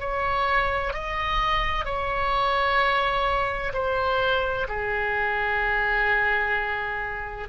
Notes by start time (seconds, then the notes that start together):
0.00 C#5
0.93 D#5
1.85 C#5
3.73 C5
4.68 G#4